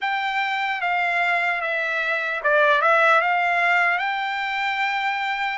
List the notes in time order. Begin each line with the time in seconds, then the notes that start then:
0.01 G5
0.81 F5
1.61 E5
2.43 D5
2.81 E5
3.21 F5
3.98 G5